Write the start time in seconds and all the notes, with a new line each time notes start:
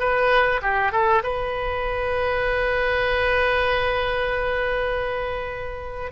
0.00 B4
0.62 G4
0.92 A4
1.23 B4